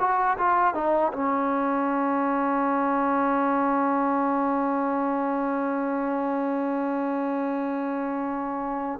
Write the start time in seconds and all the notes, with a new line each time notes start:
0.00 F#4
0.38 F4
0.75 D#4
1.13 C#4